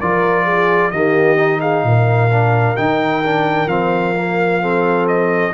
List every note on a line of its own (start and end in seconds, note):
0.00 0.92 F3
0.00 0.92 F4
0.00 0.45 A#4
0.00 0.91 D5
0.45 0.91 G#4
0.91 1.84 D#3
0.91 1.37 A#3
0.91 1.61 G4
0.91 1.61 D#5
1.37 2.30 D#4
1.61 1.84 G#4
1.61 2.77 F5
1.84 2.76 A#2
1.84 4.61 A#4
2.30 2.76 D4
2.77 3.67 D#3
2.77 3.24 D#4
2.77 3.69 G5
3.24 3.68 D4
3.67 5.51 F3
3.67 4.15 C4
3.67 5.07 F5
4.16 4.62 A#3
4.61 5.54 C4
4.61 5.54 A4
5.08 5.54 D#5